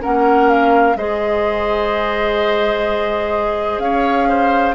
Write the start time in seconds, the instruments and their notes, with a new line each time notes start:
0.00 bassoon A#3, clarinet C#4, oboe A#4, flute F#5
0.49 flute F5
0.95 bassoon G#3, clarinet G#4, oboe C5, flute D#5
3.78 bassoon C#4, oboe C#5, flute F5
4.28 oboe C5